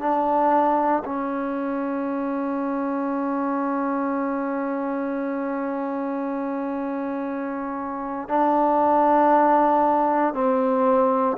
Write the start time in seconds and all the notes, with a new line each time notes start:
0.00 D4
1.05 C#4
8.29 D4
10.34 C4